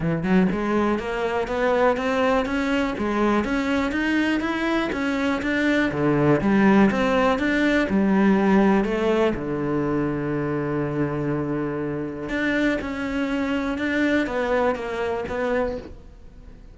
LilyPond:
\new Staff \with { instrumentName = "cello" } { \time 4/4 \tempo 4 = 122 e8 fis8 gis4 ais4 b4 | c'4 cis'4 gis4 cis'4 | dis'4 e'4 cis'4 d'4 | d4 g4 c'4 d'4 |
g2 a4 d4~ | d1~ | d4 d'4 cis'2 | d'4 b4 ais4 b4 | }